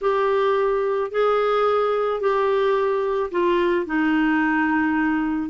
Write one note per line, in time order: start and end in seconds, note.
0.01 1.11 G4
1.11 2.20 G#4
2.20 3.30 G4
3.31 3.86 F4
3.86 5.49 D#4